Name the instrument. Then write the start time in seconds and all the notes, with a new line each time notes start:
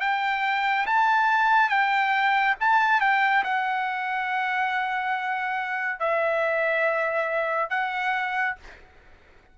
trumpet
0.00 G5
0.86 A5
1.69 G5
2.60 A5
3.01 G5
3.44 F#5
5.99 E5
7.70 F#5